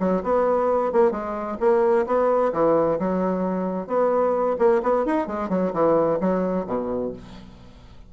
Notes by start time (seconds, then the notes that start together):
0.00 F#3
0.24 B3
0.93 A#3
1.12 G#3
1.60 A#3
2.07 B3
2.53 E3
3.00 F#3
3.87 B3
4.59 A#3
4.83 B3
5.06 D#4
5.28 G#3
5.50 F#3
5.74 E3
6.21 F#3
6.67 B2